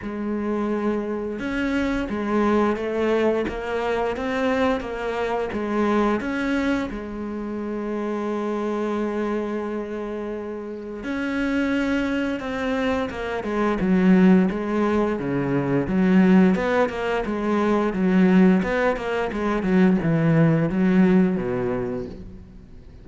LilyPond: \new Staff \with { instrumentName = "cello" } { \time 4/4 \tempo 4 = 87 gis2 cis'4 gis4 | a4 ais4 c'4 ais4 | gis4 cis'4 gis2~ | gis1 |
cis'2 c'4 ais8 gis8 | fis4 gis4 cis4 fis4 | b8 ais8 gis4 fis4 b8 ais8 | gis8 fis8 e4 fis4 b,4 | }